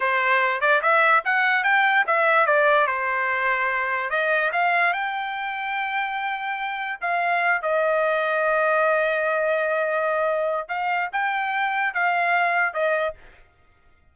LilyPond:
\new Staff \with { instrumentName = "trumpet" } { \time 4/4 \tempo 4 = 146 c''4. d''8 e''4 fis''4 | g''4 e''4 d''4 c''4~ | c''2 dis''4 f''4 | g''1~ |
g''4 f''4. dis''4.~ | dis''1~ | dis''2 f''4 g''4~ | g''4 f''2 dis''4 | }